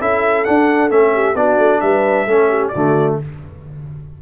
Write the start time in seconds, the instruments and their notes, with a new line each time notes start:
0.00 tuba C#4, trombone E4, horn A4, trumpet E5
0.44 trombone D4, tuba D4, trumpet F#5
0.90 tuba A3, trombone C#4, trumpet E5
1.13 horn G4
1.35 tuba B3, trombone D4, horn F#4, trumpet D5
1.58 tuba A3
1.81 tuba G3, horn B4, trumpet E5
2.26 tuba A3, trombone C#4, horn A4
2.49 horn G4
2.68 horn F#4, trumpet D5
2.75 tuba D3, trombone A3